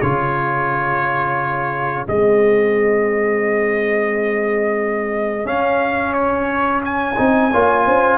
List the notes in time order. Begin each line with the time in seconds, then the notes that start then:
0.00 C#3 F4 G#4 C#5
2.07 G#3 C4 D#5
5.45 C#4 F5
6.13 C#5
6.85 G#5
7.17 C4 D#4
7.51 A#3 F4 C#5
7.86 C#4 C5